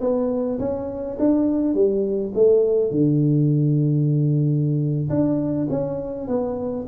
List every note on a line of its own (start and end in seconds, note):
0.00 0.58 B3
0.59 1.17 C#4
1.19 1.74 D4
1.74 2.32 G3
2.34 2.90 A3
2.90 5.09 D3
5.09 5.67 D4
5.70 6.27 C#4
6.27 6.85 B3